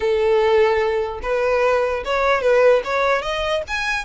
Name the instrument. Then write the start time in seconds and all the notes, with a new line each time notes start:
violin
0.00 A4
1.22 B4
2.04 C#5
2.41 B4
2.84 C#5
3.21 D#5
3.67 G#5